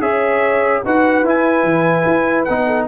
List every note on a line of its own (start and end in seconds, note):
0.00 0.82 C#4
0.00 0.83 G#4
0.00 0.84 C#5
0.00 0.83 E5
0.84 1.23 D#4
0.84 1.25 F#4
0.84 2.66 B4
0.84 1.27 F#5
1.23 1.63 E4
1.23 2.48 E4
1.23 2.45 G#5
1.63 2.04 E3
2.06 2.47 E4
2.45 2.88 B3
2.45 2.88 D#4
2.45 2.85 F#5
2.66 2.87 A4